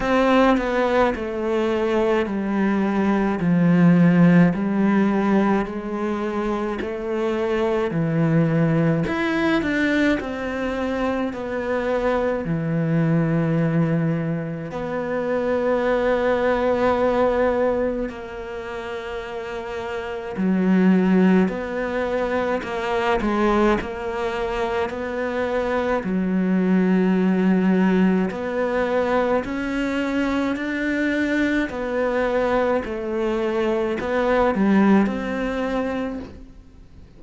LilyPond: \new Staff \with { instrumentName = "cello" } { \time 4/4 \tempo 4 = 53 c'8 b8 a4 g4 f4 | g4 gis4 a4 e4 | e'8 d'8 c'4 b4 e4~ | e4 b2. |
ais2 fis4 b4 | ais8 gis8 ais4 b4 fis4~ | fis4 b4 cis'4 d'4 | b4 a4 b8 g8 c'4 | }